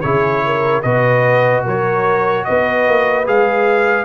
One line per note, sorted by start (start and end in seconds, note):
0.00 0.84 C#3
0.00 0.83 E4
0.00 0.44 G#4
0.00 0.81 C#5
0.45 0.82 A#4
0.82 1.65 B2
0.82 3.25 F#4
0.82 1.63 B4
0.82 1.63 D#5
1.64 2.46 F#3
1.64 2.45 A#4
1.64 2.44 C#5
2.44 2.87 B3
2.44 4.05 B4
2.44 3.25 D#5
2.87 3.27 A#3
3.25 4.05 G#3
3.25 4.05 G#4
3.25 4.05 F5